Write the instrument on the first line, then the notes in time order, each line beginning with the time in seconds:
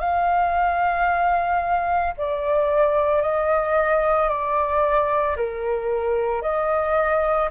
flute
0.00 F5
2.18 D5
3.22 D#5
4.30 D5
5.37 A#4
6.42 D#5